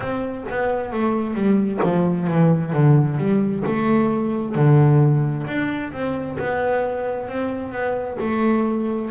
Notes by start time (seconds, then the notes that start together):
0.00 C4
0.50 B3
0.92 A3
1.34 G3
1.83 F3
2.27 E3
2.72 D3
3.17 G3
3.66 A3
4.55 D3
5.46 D4
5.92 C4
6.38 B3
7.28 C4
7.71 B3
8.20 A3